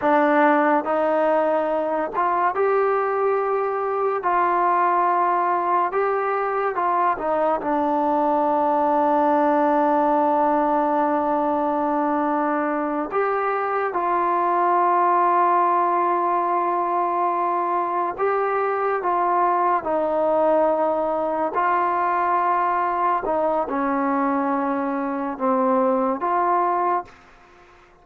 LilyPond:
\new Staff \with { instrumentName = "trombone" } { \time 4/4 \tempo 4 = 71 d'4 dis'4. f'8 g'4~ | g'4 f'2 g'4 | f'8 dis'8 d'2.~ | d'2.~ d'8 g'8~ |
g'8 f'2.~ f'8~ | f'4. g'4 f'4 dis'8~ | dis'4. f'2 dis'8 | cis'2 c'4 f'4 | }